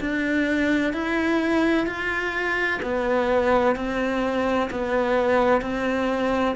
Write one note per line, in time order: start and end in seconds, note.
0.00 0.93 D4
0.93 1.86 E4
1.86 2.80 F4
2.82 3.75 B3
3.75 4.69 C4
4.70 5.61 B3
5.61 6.55 C4